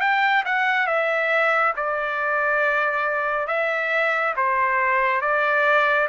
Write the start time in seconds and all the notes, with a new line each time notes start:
0.00 G5
0.45 F#5
0.87 E5
1.76 D5
3.47 E5
4.36 C5
5.21 D5